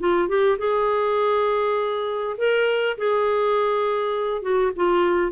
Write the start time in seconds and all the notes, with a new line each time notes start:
0.00 F4
0.29 G4
0.59 G#4
2.38 A#4
2.98 G#4
4.42 F#4
4.76 F4